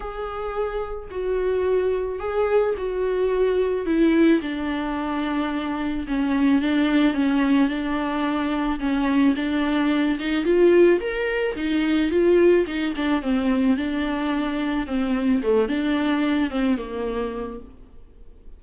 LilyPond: \new Staff \with { instrumentName = "viola" } { \time 4/4 \tempo 4 = 109 gis'2 fis'2 | gis'4 fis'2 e'4 | d'2. cis'4 | d'4 cis'4 d'2 |
cis'4 d'4. dis'8 f'4 | ais'4 dis'4 f'4 dis'8 d'8 | c'4 d'2 c'4 | a8 d'4. c'8 ais4. | }